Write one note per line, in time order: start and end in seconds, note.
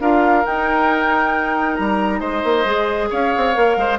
0.00 0.44 D4
0.00 0.44 F4
0.00 2.20 A#4
0.00 0.45 F5
0.44 2.65 D#4
0.44 1.79 D#4
0.44 1.76 G5
1.76 2.20 G3
1.76 2.19 A#5
2.19 2.43 G#3
2.19 3.09 C5
2.19 3.08 D#5
2.44 2.65 A#3
2.65 3.09 G#3
2.65 3.54 G#4
3.10 3.34 C#4
3.10 3.77 C#5
3.10 3.98 F5
3.37 3.56 C4
3.54 3.77 A#3
3.54 3.98 A#4
3.77 3.98 G#3
3.77 3.98 C5